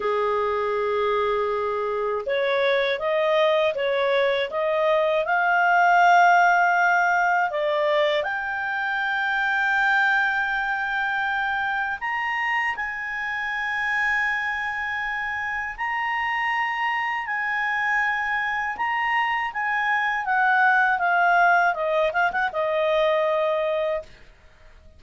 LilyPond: \new Staff \with { instrumentName = "clarinet" } { \time 4/4 \tempo 4 = 80 gis'2. cis''4 | dis''4 cis''4 dis''4 f''4~ | f''2 d''4 g''4~ | g''1 |
ais''4 gis''2.~ | gis''4 ais''2 gis''4~ | gis''4 ais''4 gis''4 fis''4 | f''4 dis''8 f''16 fis''16 dis''2 | }